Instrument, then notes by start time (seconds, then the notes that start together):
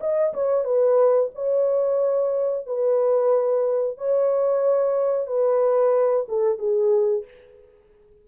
horn
0.00 D#5
0.33 C#5
0.64 B4
1.34 C#5
2.66 B4
3.97 C#5
5.27 B4
6.28 A4
6.58 G#4